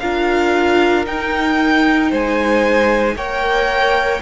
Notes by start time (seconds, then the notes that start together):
0.00 D4 F4 A#4 F5
1.06 D#4 G5
2.10 G#3 C5 G#5
3.16 A#3 A#4 C#5 G5